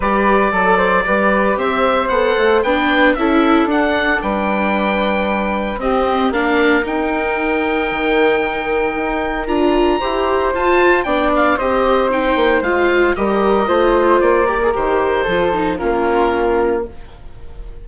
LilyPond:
<<
  \new Staff \with { instrumentName = "oboe" } { \time 4/4 \tempo 4 = 114 d''2. e''4 | fis''4 g''4 e''4 fis''4 | g''2. dis''4 | f''4 g''2.~ |
g''2 ais''2 | a''4 g''8 f''8 dis''4 g''4 | f''4 dis''2 d''4 | c''2 ais'2 | }
  \new Staff \with { instrumentName = "flute" } { \time 4/4 b'4 a'8 c''8 b'4 c''4~ | c''4 b'4 a'2 | b'2. g'4 | ais'1~ |
ais'2. c''4~ | c''4 d''4 c''2~ | c''4 ais'4 c''4. ais'8~ | ais'4 a'4 f'2 | }
  \new Staff \with { instrumentName = "viola" } { \time 4/4 g'4 a'4 g'2 | a'4 d'4 e'4 d'4~ | d'2. c'4 | d'4 dis'2.~ |
dis'2 f'4 g'4 | f'4 d'4 g'4 dis'4 | f'4 g'4 f'4. g'16 gis'16 | g'4 f'8 dis'8 cis'2 | }
  \new Staff \with { instrumentName = "bassoon" } { \time 4/4 g4 fis4 g4 c'4 | b8 a8 b4 cis'4 d'4 | g2. c'4 | ais4 dis'2 dis4~ |
dis4 dis'4 d'4 e'4 | f'4 b4 c'4. ais8 | gis4 g4 a4 ais4 | dis4 f4 ais2 | }
>>